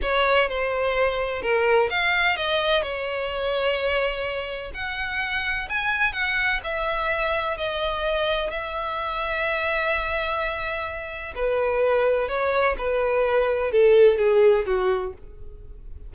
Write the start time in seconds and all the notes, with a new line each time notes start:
0.02 C#5
0.48 C5
1.42 A#4
1.90 F5
2.36 D#5
2.82 C#5
4.74 F#5
5.69 G#5
6.13 F#5
6.63 E5
7.57 D#5
8.50 E5
11.35 B4
12.28 C#5
12.78 B4
13.71 A4
14.18 G#4
14.65 F#4